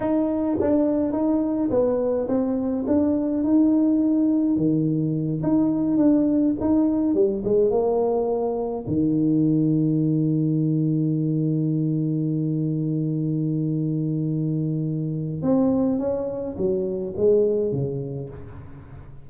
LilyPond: \new Staff \with { instrumentName = "tuba" } { \time 4/4 \tempo 4 = 105 dis'4 d'4 dis'4 b4 | c'4 d'4 dis'2 | dis4. dis'4 d'4 dis'8~ | dis'8 g8 gis8 ais2 dis8~ |
dis1~ | dis1~ | dis2. c'4 | cis'4 fis4 gis4 cis4 | }